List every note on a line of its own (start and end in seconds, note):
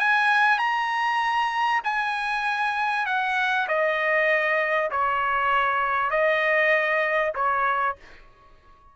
0.00 0.59 G#5
0.59 1.81 A#5
1.84 3.06 G#5
3.06 3.68 F#5
3.68 4.91 D#5
4.91 6.11 C#5
6.11 7.33 D#5
7.35 7.96 C#5